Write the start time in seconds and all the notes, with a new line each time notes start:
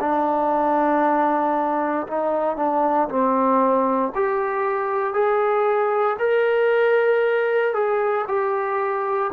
0.00 D4
2.07 D#4
2.56 D4
3.09 C4
4.15 G4
5.13 G#4
6.19 A#4
7.74 G#4
8.28 G4